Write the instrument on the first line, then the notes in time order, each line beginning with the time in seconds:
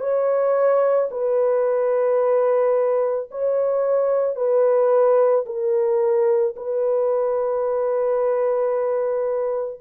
horn
0.00 C#5
1.11 B4
3.31 C#5
4.35 B4
5.45 A#4
6.56 B4